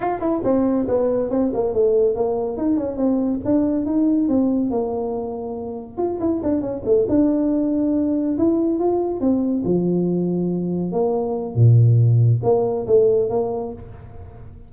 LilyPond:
\new Staff \with { instrumentName = "tuba" } { \time 4/4 \tempo 4 = 140 f'8 e'8 c'4 b4 c'8 ais8 | a4 ais4 dis'8 cis'8 c'4 | d'4 dis'4 c'4 ais4~ | ais2 f'8 e'8 d'8 cis'8 |
a8 d'2. e'8~ | e'8 f'4 c'4 f4.~ | f4. ais4. ais,4~ | ais,4 ais4 a4 ais4 | }